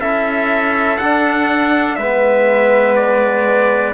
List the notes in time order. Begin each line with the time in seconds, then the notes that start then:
0.00 C#4 E4 A4 E5
0.98 D4 F#5
1.96 G#3 B3 B4 E5
2.96 D5